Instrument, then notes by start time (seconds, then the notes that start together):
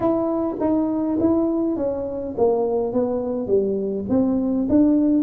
tuba
0.00 E4
0.60 D#4
1.19 E4
1.76 C#4
2.37 A#3
2.93 B3
3.47 G3
4.09 C4
4.69 D4